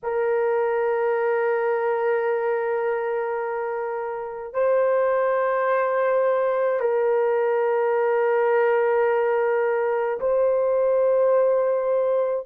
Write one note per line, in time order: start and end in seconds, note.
0.03 4.53 A#4
4.53 6.80 C5
6.80 10.19 A#4
10.19 12.46 C5